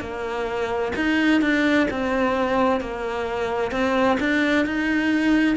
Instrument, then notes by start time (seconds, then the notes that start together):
cello
0.00 A#3
0.96 D#4
1.41 D4
1.90 C4
2.80 A#3
3.72 C4
4.20 D4
4.66 D#4